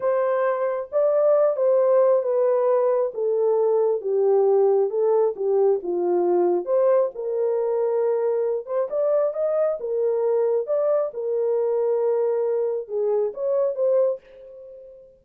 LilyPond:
\new Staff \with { instrumentName = "horn" } { \time 4/4 \tempo 4 = 135 c''2 d''4. c''8~ | c''4 b'2 a'4~ | a'4 g'2 a'4 | g'4 f'2 c''4 |
ais'2.~ ais'8 c''8 | d''4 dis''4 ais'2 | d''4 ais'2.~ | ais'4 gis'4 cis''4 c''4 | }